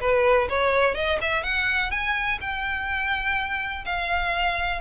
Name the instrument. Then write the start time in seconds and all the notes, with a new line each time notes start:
violin
0.00 B4
0.49 C#5
0.95 D#5
1.21 E5
1.43 F#5
1.91 G#5
2.41 G5
3.85 F5